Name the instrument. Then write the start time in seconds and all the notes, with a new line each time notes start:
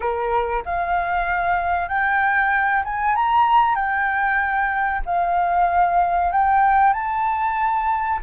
flute
0.00 A#4
0.65 F5
1.88 G5
2.84 G#5
3.15 A#5
3.75 G5
5.05 F5
6.32 G5
6.93 A5